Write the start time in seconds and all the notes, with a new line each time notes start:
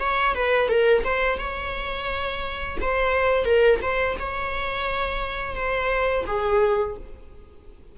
0.00 C#5
0.35 B4
0.69 A#4
1.04 C5
1.38 C#5
2.81 C5
3.45 A#4
3.82 C5
4.20 C#5
5.56 C5
6.27 G#4